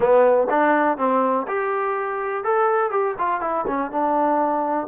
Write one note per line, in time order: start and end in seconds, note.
0.00 0.47 B3
0.50 0.97 D4
0.97 1.46 C4
1.47 2.44 G4
2.44 2.90 A4
2.90 3.15 G4
3.18 3.40 F4
3.40 3.65 E4
3.67 3.91 C#4
3.91 4.87 D4